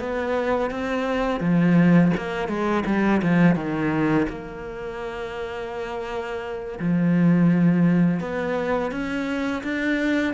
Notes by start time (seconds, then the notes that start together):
0.00 B3
0.70 C4
1.40 F3
2.17 A#3
2.48 G#3
2.86 G3
3.22 F3
3.56 D#3
4.29 A#3
6.80 F3
8.20 B3
8.91 C#4
9.63 D4